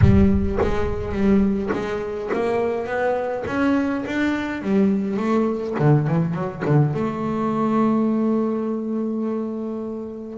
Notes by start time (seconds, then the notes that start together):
0.01 G3
0.61 G#3
1.12 G3
1.72 G#3
2.33 A#3
2.86 B3
3.46 C#4
4.06 D4
4.62 G3
5.16 A3
5.78 D3
6.07 E3
6.34 F#3
6.65 D3
6.94 A3